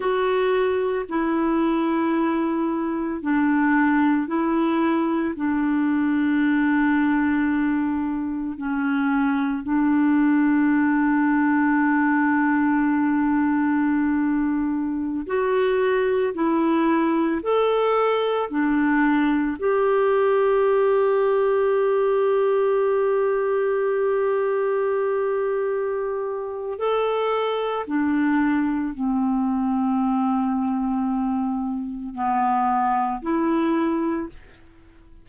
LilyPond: \new Staff \with { instrumentName = "clarinet" } { \time 4/4 \tempo 4 = 56 fis'4 e'2 d'4 | e'4 d'2. | cis'4 d'2.~ | d'2~ d'16 fis'4 e'8.~ |
e'16 a'4 d'4 g'4.~ g'16~ | g'1~ | g'4 a'4 d'4 c'4~ | c'2 b4 e'4 | }